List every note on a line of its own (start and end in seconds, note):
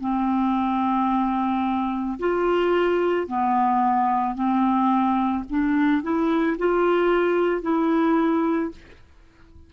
0.00 2.18 C4
2.19 3.27 F4
3.27 4.35 B3
4.35 5.44 C4
5.49 6.02 D4
6.02 6.57 E4
6.58 7.62 F4
7.62 8.71 E4